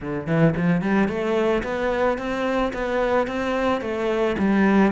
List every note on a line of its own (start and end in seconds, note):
0.00 0.26 D3
0.26 0.54 E3
0.56 0.81 F3
0.81 1.08 G3
1.08 1.62 A3
1.63 2.17 B3
2.18 2.72 C4
2.73 3.27 B3
3.27 3.81 C4
3.81 4.35 A3
4.38 4.92 G3